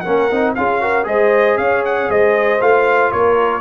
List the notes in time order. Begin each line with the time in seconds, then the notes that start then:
0.00 A#3 C#4 A#4 F#5
0.30 C4 D#4
0.55 C#4 F4 G#4 F5
0.80 F#4 A#4
1.04 G#3 G#4 C5 D#5
1.57 C#4 C#5 F5
1.85 F#5
2.09 G#3 C5 D#5
2.60 A3 F4 F5
3.11 A#3 A#4 C#5